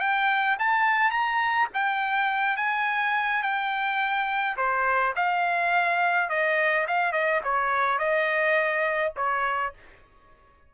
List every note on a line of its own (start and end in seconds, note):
0.00 0.57 G5
0.59 1.11 A5
1.11 1.68 A#5
1.74 2.57 G5
2.57 3.42 G#5
3.42 4.57 G5
4.57 5.14 C5
5.16 6.30 F5
6.30 6.87 D#5
6.88 7.12 F5
7.12 7.41 D#5
7.44 7.99 C#5
7.99 9.13 D#5
9.16 9.73 C#5